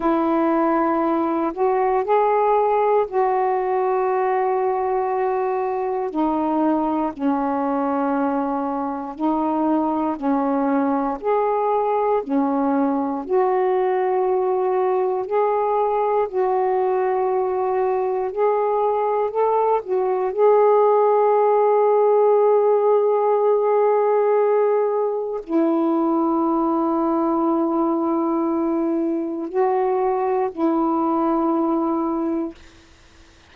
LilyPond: \new Staff \with { instrumentName = "saxophone" } { \time 4/4 \tempo 4 = 59 e'4. fis'8 gis'4 fis'4~ | fis'2 dis'4 cis'4~ | cis'4 dis'4 cis'4 gis'4 | cis'4 fis'2 gis'4 |
fis'2 gis'4 a'8 fis'8 | gis'1~ | gis'4 e'2.~ | e'4 fis'4 e'2 | }